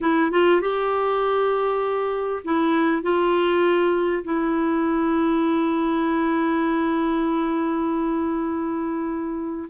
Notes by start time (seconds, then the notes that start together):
0.01 E4
0.31 F4
0.61 G4
2.44 E4
3.02 F4
4.23 E4